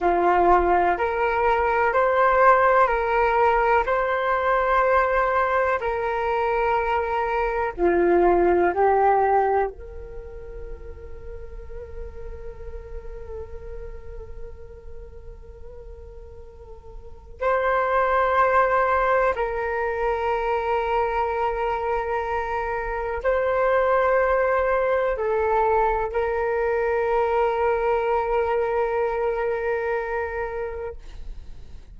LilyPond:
\new Staff \with { instrumentName = "flute" } { \time 4/4 \tempo 4 = 62 f'4 ais'4 c''4 ais'4 | c''2 ais'2 | f'4 g'4 ais'2~ | ais'1~ |
ais'2 c''2 | ais'1 | c''2 a'4 ais'4~ | ais'1 | }